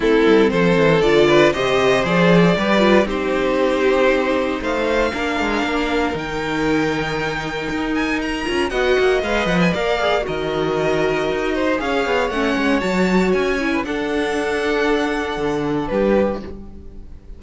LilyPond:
<<
  \new Staff \with { instrumentName = "violin" } { \time 4/4 \tempo 4 = 117 a'4 c''4 d''4 dis''4 | d''2 c''2~ | c''4 f''2. | g''2.~ g''8 gis''8 |
ais''4 fis''4 f''8 fis''16 gis''16 f''4 | dis''2. f''4 | fis''4 a''4 gis''4 fis''4~ | fis''2. b'4 | }
  \new Staff \with { instrumentName = "violin" } { \time 4/4 e'4 a'4. b'8 c''4~ | c''4 b'4 g'2~ | g'4 c''4 ais'2~ | ais'1~ |
ais'4 dis''2 d''4 | ais'2~ ais'8 c''8 cis''4~ | cis''2~ cis''8. b'16 a'4~ | a'2. g'4 | }
  \new Staff \with { instrumentName = "viola" } { \time 4/4 c'2 f'4 g'4 | gis'4 g'8 f'8 dis'2~ | dis'2 d'2 | dis'1~ |
dis'8 f'8 fis'4 b'4 ais'8 gis'8 | fis'2. gis'4 | cis'4 fis'4. e'8 d'4~ | d'1 | }
  \new Staff \with { instrumentName = "cello" } { \time 4/4 a8 g8 f8 e8 d4 c4 | f4 g4 c'2~ | c'4 a4 ais8 gis8 ais4 | dis2. dis'4~ |
dis'8 cis'8 b8 ais8 gis8 f8 ais4 | dis2 dis'4 cis'8 b8 | a8 gis8 fis4 cis'4 d'4~ | d'2 d4 g4 | }
>>